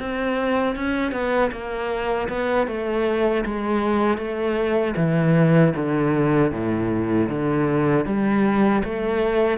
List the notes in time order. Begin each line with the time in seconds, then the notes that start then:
0.00 C4
0.76 C#4
1.13 B3
1.52 A#3
2.29 B3
2.67 A3
3.46 G#3
4.18 A3
4.97 E3
5.77 D3
6.52 A2
7.29 D3
8.06 G3
8.84 A3